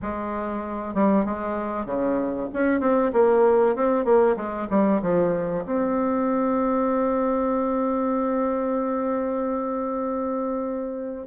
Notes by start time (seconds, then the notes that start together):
0.01 G#3
0.94 G3
1.25 G#3
1.85 C#3
2.53 C#4
2.80 C4
3.12 A#3
3.75 C4
4.04 A#3
4.36 G#3
4.69 G3
5.02 F3
5.65 C4